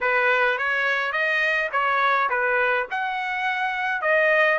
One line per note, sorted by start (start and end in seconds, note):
0.00 0.57 B4
0.57 1.12 C#5
1.12 1.69 D#5
1.72 2.29 C#5
2.29 2.86 B4
2.90 4.01 F#5
4.01 4.58 D#5